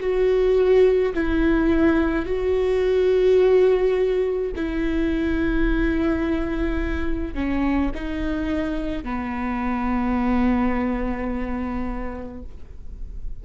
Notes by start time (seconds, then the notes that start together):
0.00 F#4
1.14 E4
2.26 F#4
4.56 E4
7.35 C#4
7.95 D#4
9.04 B3